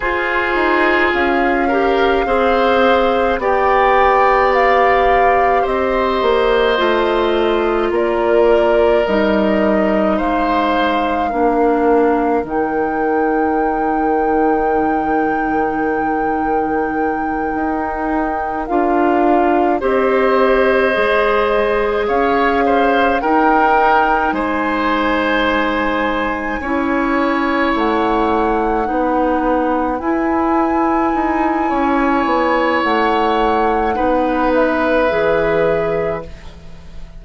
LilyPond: <<
  \new Staff \with { instrumentName = "flute" } { \time 4/4 \tempo 4 = 53 c''4 f''2 g''4 | f''4 dis''2 d''4 | dis''4 f''2 g''4~ | g''1~ |
g''8 f''4 dis''2 f''8~ | f''8 g''4 gis''2~ gis''8~ | gis''8 fis''2 gis''4.~ | gis''4 fis''4. e''4. | }
  \new Staff \with { instrumentName = "oboe" } { \time 4/4 gis'4. ais'8 c''4 d''4~ | d''4 c''2 ais'4~ | ais'4 c''4 ais'2~ | ais'1~ |
ais'4. c''2 cis''8 | c''8 ais'4 c''2 cis''8~ | cis''4. b'2~ b'8 | cis''2 b'2 | }
  \new Staff \with { instrumentName = "clarinet" } { \time 4/4 f'4. g'8 gis'4 g'4~ | g'2 f'2 | dis'2 d'4 dis'4~ | dis'1~ |
dis'8 f'4 g'4 gis'4.~ | gis'8 dis'2. e'8~ | e'4. dis'4 e'4.~ | e'2 dis'4 gis'4 | }
  \new Staff \with { instrumentName = "bassoon" } { \time 4/4 f'8 dis'8 cis'4 c'4 b4~ | b4 c'8 ais8 a4 ais4 | g4 gis4 ais4 dis4~ | dis2.~ dis8 dis'8~ |
dis'8 d'4 c'4 gis4 cis'8~ | cis'8 dis'4 gis2 cis'8~ | cis'8 a4 b4 e'4 dis'8 | cis'8 b8 a4 b4 e4 | }
>>